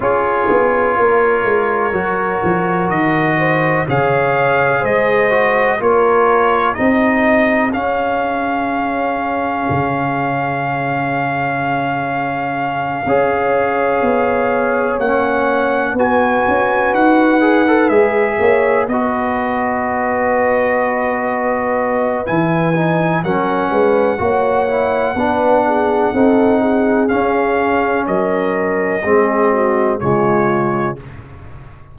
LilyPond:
<<
  \new Staff \with { instrumentName = "trumpet" } { \time 4/4 \tempo 4 = 62 cis''2. dis''4 | f''4 dis''4 cis''4 dis''4 | f''1~ | f''2.~ f''8 fis''8~ |
fis''8 gis''4 fis''4 e''4 dis''8~ | dis''2. gis''4 | fis''1 | f''4 dis''2 cis''4 | }
  \new Staff \with { instrumentName = "horn" } { \time 4/4 gis'4 ais'2~ ais'8 c''8 | cis''4 c''4 ais'4 gis'4~ | gis'1~ | gis'4. cis''2~ cis''8~ |
cis''8 b'2~ b'8 cis''8 b'8~ | b'1 | ais'8 b'8 cis''4 b'8 gis'8 a'8 gis'8~ | gis'4 ais'4 gis'8 fis'8 f'4 | }
  \new Staff \with { instrumentName = "trombone" } { \time 4/4 f'2 fis'2 | gis'4. fis'8 f'4 dis'4 | cis'1~ | cis'4. gis'2 cis'8~ |
cis'8 fis'4. gis'16 a'16 gis'4 fis'8~ | fis'2. e'8 dis'8 | cis'4 fis'8 e'8 d'4 dis'4 | cis'2 c'4 gis4 | }
  \new Staff \with { instrumentName = "tuba" } { \time 4/4 cis'8 b8 ais8 gis8 fis8 f8 dis4 | cis4 gis4 ais4 c'4 | cis'2 cis2~ | cis4. cis'4 b4 ais8~ |
ais8 b8 cis'8 dis'4 gis8 ais8 b8~ | b2. e4 | fis8 gis8 ais4 b4 c'4 | cis'4 fis4 gis4 cis4 | }
>>